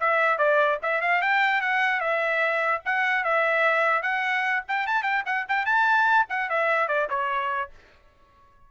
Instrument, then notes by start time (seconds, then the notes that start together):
trumpet
0.00 E5
0.38 D5
0.83 E5
1.01 F5
1.22 G5
1.61 F#5
2.00 E5
2.85 F#5
3.24 E5
4.02 F#5
4.68 G5
4.87 A5
5.03 G5
5.26 F#5
5.49 G5
5.66 A5
6.29 F#5
6.50 E5
6.88 D5
7.10 C#5